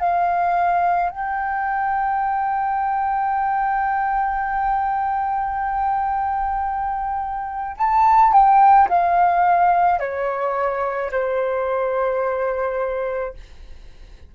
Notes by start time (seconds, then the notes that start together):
0.00 F5
1.10 G5
7.78 A5
8.33 G5
8.89 F5
10.00 C#5
11.12 C5